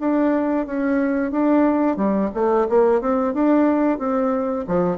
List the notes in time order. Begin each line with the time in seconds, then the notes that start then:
0.00 D4
0.66 C#4
1.32 D4
1.97 G3
2.35 A3
2.69 A#3
3.02 C4
3.34 D4
3.99 C4
4.68 F3